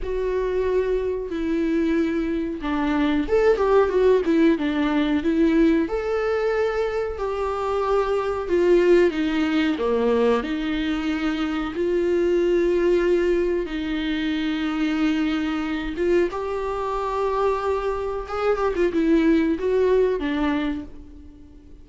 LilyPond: \new Staff \with { instrumentName = "viola" } { \time 4/4 \tempo 4 = 92 fis'2 e'2 | d'4 a'8 g'8 fis'8 e'8 d'4 | e'4 a'2 g'4~ | g'4 f'4 dis'4 ais4 |
dis'2 f'2~ | f'4 dis'2.~ | dis'8 f'8 g'2. | gis'8 g'16 f'16 e'4 fis'4 d'4 | }